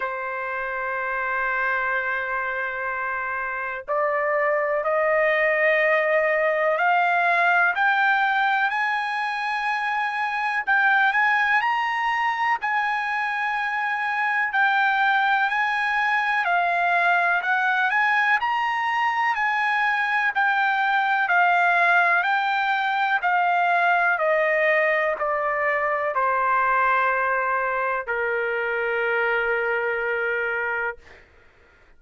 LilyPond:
\new Staff \with { instrumentName = "trumpet" } { \time 4/4 \tempo 4 = 62 c''1 | d''4 dis''2 f''4 | g''4 gis''2 g''8 gis''8 | ais''4 gis''2 g''4 |
gis''4 f''4 fis''8 gis''8 ais''4 | gis''4 g''4 f''4 g''4 | f''4 dis''4 d''4 c''4~ | c''4 ais'2. | }